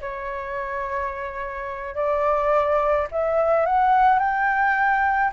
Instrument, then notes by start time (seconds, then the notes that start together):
flute
0.00 C#5
1.95 D5
3.11 E5
3.65 F#5
4.19 G5